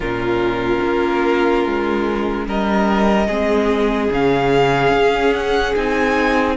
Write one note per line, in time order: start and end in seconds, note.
0.00 0.79 A#2
0.00 3.29 C#4
0.00 2.45 F4
0.00 2.47 A#4
0.84 1.65 A#3
1.65 2.47 G#3
2.47 3.27 G3
2.47 3.27 A#4
2.47 4.12 D#5
3.27 4.10 G#3
3.27 4.11 C4
3.27 6.56 G#4
4.10 4.92 C#3
4.10 5.76 C#4
4.10 5.33 F5
4.92 5.74 C#4
5.33 5.74 F#5
5.76 6.56 C4
5.76 6.56 D#4
5.76 6.56 G#5